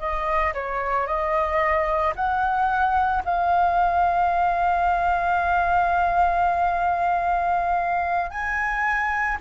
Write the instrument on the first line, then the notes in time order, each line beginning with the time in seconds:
flute
0.00 D#5
0.54 C#5
1.07 D#5
2.16 F#5
3.25 F5
8.31 G#5